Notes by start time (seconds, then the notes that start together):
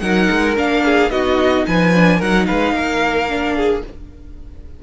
0.00 F#3 D#4 A#4 F#5
0.30 G#3
0.56 A#3 D4 F5
0.85 G#4
1.09 B3 D#4 F#4 D#5
1.66 F3 B4 G#5
1.95 D4
2.18 F#3 D#4 A#4 F#5
2.46 G#3 B4 F5
2.73 A#3 A#4
3.28 D4
3.56 G#4